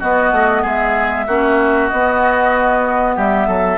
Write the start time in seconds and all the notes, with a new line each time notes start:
0.00 B3 F#4 D#5
0.32 A3
0.62 G#3 G#4 E5
1.27 A#3 C#4 F#4
1.89 B3 D#5
3.16 G3 G4 E5
3.48 F#3 A4